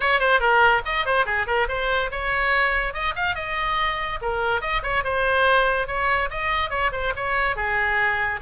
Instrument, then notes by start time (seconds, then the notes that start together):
oboe
0.00 C#5
0.19 C5
0.39 A#4
0.85 D#5
1.05 C5
1.25 G#4
1.46 A#4
1.68 C5
2.11 C#5
2.93 D#5
3.15 F5
3.35 D#5
4.21 A#4
4.61 D#5
4.82 C#5
5.03 C5
5.87 C#5
6.30 D#5
6.70 C#5
6.92 C5
7.15 C#5
7.56 G#4